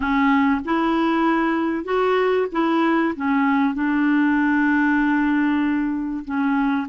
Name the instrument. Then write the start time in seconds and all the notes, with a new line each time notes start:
clarinet
0.00 C#4
0.64 E4
1.84 F#4
2.51 E4
3.15 C#4
3.74 D4
6.24 C#4